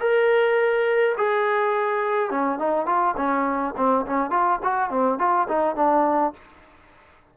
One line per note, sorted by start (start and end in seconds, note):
0.00 1.15 A#4
1.17 2.31 G#4
2.31 2.59 C#4
2.59 2.86 D#4
2.86 3.15 F4
3.17 3.74 C#4
3.77 4.05 C4
4.06 4.30 C#4
4.30 4.59 F4
4.63 4.90 F#4
4.90 5.19 C4
5.19 5.48 F4
5.49 5.76 D#4
5.76 6.33 D4